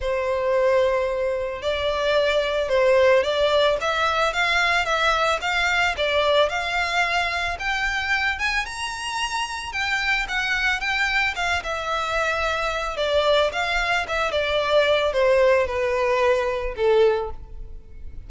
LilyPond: \new Staff \with { instrumentName = "violin" } { \time 4/4 \tempo 4 = 111 c''2. d''4~ | d''4 c''4 d''4 e''4 | f''4 e''4 f''4 d''4 | f''2 g''4. gis''8 |
ais''2 g''4 fis''4 | g''4 f''8 e''2~ e''8 | d''4 f''4 e''8 d''4. | c''4 b'2 a'4 | }